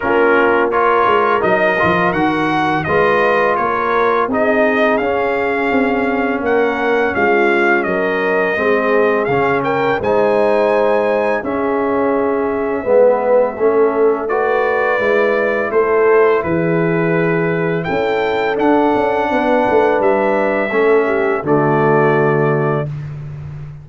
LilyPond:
<<
  \new Staff \with { instrumentName = "trumpet" } { \time 4/4 \tempo 4 = 84 ais'4 cis''4 dis''4 fis''4 | dis''4 cis''4 dis''4 f''4~ | f''4 fis''4 f''4 dis''4~ | dis''4 f''8 g''8 gis''2 |
e''1 | d''2 c''4 b'4~ | b'4 g''4 fis''2 | e''2 d''2 | }
  \new Staff \with { instrumentName = "horn" } { \time 4/4 f'4 ais'2. | b'4 ais'4 gis'2~ | gis'4 ais'4 f'4 ais'4 | gis'4. ais'8 c''2 |
gis'2 b'4 a'4 | b'2 a'4 gis'4~ | gis'4 a'2 b'4~ | b'4 a'8 g'8 fis'2 | }
  \new Staff \with { instrumentName = "trombone" } { \time 4/4 cis'4 f'4 dis'8 f'8 fis'4 | f'2 dis'4 cis'4~ | cis'1 | c'4 cis'4 dis'2 |
cis'2 b4 cis'4 | fis'4 e'2.~ | e'2 d'2~ | d'4 cis'4 a2 | }
  \new Staff \with { instrumentName = "tuba" } { \time 4/4 ais4. gis8 fis8 f8 dis4 | gis4 ais4 c'4 cis'4 | c'4 ais4 gis4 fis4 | gis4 cis4 gis2 |
cis'2 gis4 a4~ | a4 gis4 a4 e4~ | e4 cis'4 d'8 cis'8 b8 a8 | g4 a4 d2 | }
>>